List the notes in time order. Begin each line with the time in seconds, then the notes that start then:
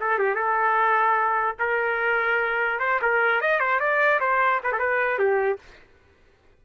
0.00 A4
0.18 G4
0.35 A4
1.59 A#4
2.79 C5
3.01 A#4
3.41 D#5
3.60 C5
3.79 D5
4.20 C5
4.63 B4
4.72 A4
4.79 B4
5.18 G4